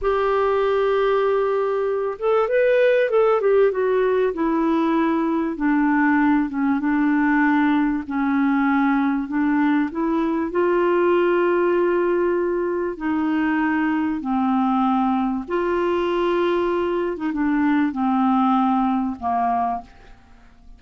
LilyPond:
\new Staff \with { instrumentName = "clarinet" } { \time 4/4 \tempo 4 = 97 g'2.~ g'8 a'8 | b'4 a'8 g'8 fis'4 e'4~ | e'4 d'4. cis'8 d'4~ | d'4 cis'2 d'4 |
e'4 f'2.~ | f'4 dis'2 c'4~ | c'4 f'2~ f'8. dis'16 | d'4 c'2 ais4 | }